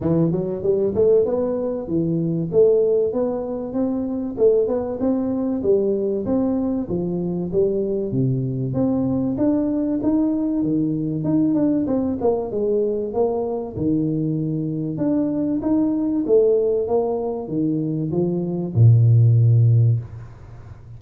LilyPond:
\new Staff \with { instrumentName = "tuba" } { \time 4/4 \tempo 4 = 96 e8 fis8 g8 a8 b4 e4 | a4 b4 c'4 a8 b8 | c'4 g4 c'4 f4 | g4 c4 c'4 d'4 |
dis'4 dis4 dis'8 d'8 c'8 ais8 | gis4 ais4 dis2 | d'4 dis'4 a4 ais4 | dis4 f4 ais,2 | }